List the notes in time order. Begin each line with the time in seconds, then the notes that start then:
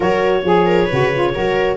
0.00 F#3 F#4 A#4 C#5
0.43 F3 G#4
0.65 A#4
0.85 F#4 B4
0.92 C#3
1.13 F4
1.33 F#3 F#4 A#4